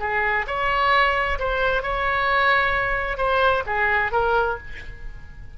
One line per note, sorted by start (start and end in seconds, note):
0.00 0.46 G#4
0.47 1.39 C#5
1.39 1.83 C5
1.83 3.17 C#5
3.17 3.63 C5
3.66 4.12 G#4
4.12 4.58 A#4